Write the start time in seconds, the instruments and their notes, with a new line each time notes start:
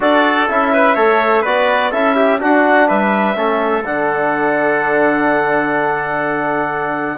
0.00 bassoon D4, trombone F#4, trumpet A4, clarinet D5
0.49 bassoon C#4, trombone E4, clarinet E5
0.72 trumpet B4
0.95 bassoon A3, trombone A4, trumpet C#5
1.41 bassoon B3, trombone F#4, trumpet B4, clarinet D5
1.91 bassoon C#4, trombone E4, trumpet A4, clarinet E5
2.15 trumpet G4
2.39 trombone D4, bassoon D4, trumpet F#4, clarinet F#5
2.87 bassoon G3, trumpet B4, clarinet E5
3.35 bassoon A3, trombone C#4, trumpet A4
3.84 bassoon D3, trombone D4, clarinet F#5